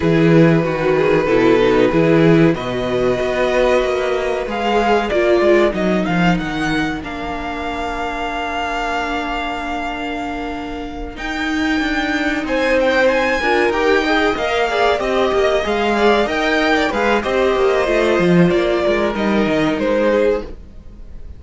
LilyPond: <<
  \new Staff \with { instrumentName = "violin" } { \time 4/4 \tempo 4 = 94 b'1 | dis''2. f''4 | d''4 dis''8 f''8 fis''4 f''4~ | f''1~ |
f''4. g''2 gis''8 | g''8 gis''4 g''4 f''4 dis''8~ | dis''8 f''4 g''4 f''8 dis''4~ | dis''4 d''4 dis''4 c''4 | }
  \new Staff \with { instrumentName = "violin" } { \time 4/4 gis'4 fis'8 gis'8 a'4 gis'4 | b'1 | ais'1~ | ais'1~ |
ais'2.~ ais'8 c''8~ | c''4 ais'4 dis''4 d''8 dis''8~ | dis''4 d''8 dis''8. d''16 b'8 c''4~ | c''4. ais'2 gis'8 | }
  \new Staff \with { instrumentName = "viola" } { \time 4/4 e'4 fis'4 e'8 dis'8 e'4 | fis'2. gis'4 | f'4 dis'2 d'4~ | d'1~ |
d'4. dis'2~ dis'8~ | dis'4 f'8 g'8 gis'8 ais'8 gis'8 g'8~ | g'8 gis'4 ais'4 gis'8 g'4 | f'2 dis'2 | }
  \new Staff \with { instrumentName = "cello" } { \time 4/4 e4 dis4 b,4 e4 | b,4 b4 ais4 gis4 | ais8 gis8 fis8 f8 dis4 ais4~ | ais1~ |
ais4. dis'4 d'4 c'8~ | c'4 d'8 dis'4 ais4 c'8 | ais8 gis4 dis'4 gis8 c'8 ais8 | a8 f8 ais8 gis8 g8 dis8 gis4 | }
>>